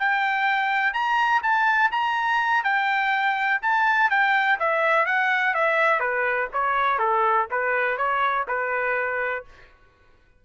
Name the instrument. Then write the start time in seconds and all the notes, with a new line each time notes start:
trumpet
0.00 G5
0.94 A#5
1.43 A5
1.92 A#5
2.64 G5
3.62 A5
4.11 G5
4.60 E5
5.07 F#5
5.55 E5
6.00 B4
6.53 C#5
6.99 A4
7.51 B4
7.98 C#5
8.48 B4